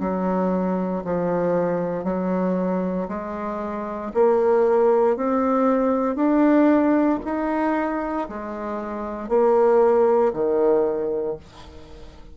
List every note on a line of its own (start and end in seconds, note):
0.00 1.03 F#3
1.05 2.04 F3
2.04 3.08 F#3
3.09 4.12 G#3
4.14 5.17 A#3
5.17 6.16 C4
6.16 7.19 D4
7.25 8.29 D#4
8.29 9.29 G#3
9.29 10.33 A#3
10.34 11.37 D#3